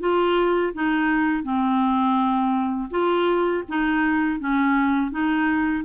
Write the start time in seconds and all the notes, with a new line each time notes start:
0.00 F4
0.73 D#4
1.43 C4
2.90 F4
3.68 D#4
4.39 C#4
5.11 D#4